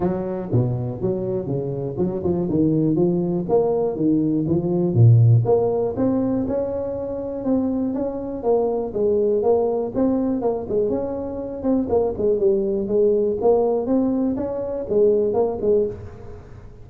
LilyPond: \new Staff \with { instrumentName = "tuba" } { \time 4/4 \tempo 4 = 121 fis4 b,4 fis4 cis4 | fis8 f8 dis4 f4 ais4 | dis4 f4 ais,4 ais4 | c'4 cis'2 c'4 |
cis'4 ais4 gis4 ais4 | c'4 ais8 gis8 cis'4. c'8 | ais8 gis8 g4 gis4 ais4 | c'4 cis'4 gis4 ais8 gis8 | }